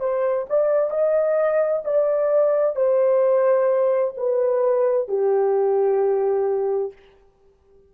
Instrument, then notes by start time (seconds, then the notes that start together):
horn
0.00 C5
0.50 D5
0.90 D#5
1.85 D5
2.76 C5
4.17 B4
5.08 G4